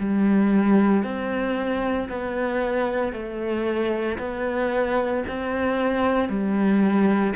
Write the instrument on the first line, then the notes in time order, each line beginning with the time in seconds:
cello
0.00 G3
1.03 C4
2.09 B3
3.13 A3
4.18 B3
5.28 C4
6.29 G3